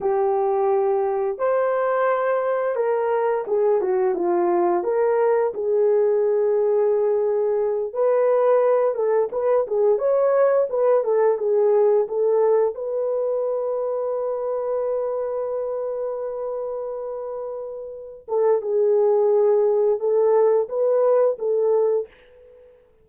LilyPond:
\new Staff \with { instrumentName = "horn" } { \time 4/4 \tempo 4 = 87 g'2 c''2 | ais'4 gis'8 fis'8 f'4 ais'4 | gis'2.~ gis'8 b'8~ | b'4 a'8 b'8 gis'8 cis''4 b'8 |
a'8 gis'4 a'4 b'4.~ | b'1~ | b'2~ b'8 a'8 gis'4~ | gis'4 a'4 b'4 a'4 | }